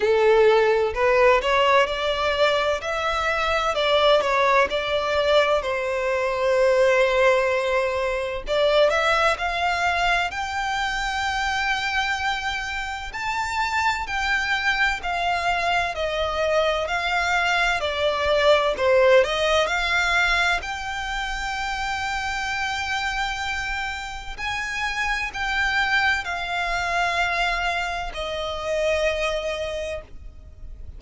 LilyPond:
\new Staff \with { instrumentName = "violin" } { \time 4/4 \tempo 4 = 64 a'4 b'8 cis''8 d''4 e''4 | d''8 cis''8 d''4 c''2~ | c''4 d''8 e''8 f''4 g''4~ | g''2 a''4 g''4 |
f''4 dis''4 f''4 d''4 | c''8 dis''8 f''4 g''2~ | g''2 gis''4 g''4 | f''2 dis''2 | }